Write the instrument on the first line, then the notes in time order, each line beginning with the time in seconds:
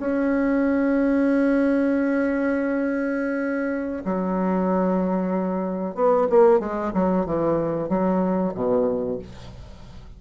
bassoon
0.00 C#4
4.05 F#3
5.95 B3
6.30 A#3
6.60 G#3
6.94 F#3
7.26 E3
7.89 F#3
8.55 B2